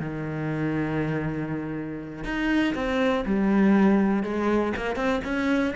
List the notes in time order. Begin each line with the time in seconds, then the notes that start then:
0.00 D#3
2.25 D#4
2.75 C4
3.25 G3
4.23 G#3
4.77 A#3
4.96 C4
5.25 C#4